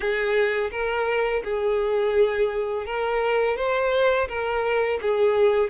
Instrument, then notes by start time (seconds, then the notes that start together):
violin
0.00 G#4
0.71 A#4
1.44 G#4
2.86 A#4
3.56 C5
4.28 A#4
5.01 G#4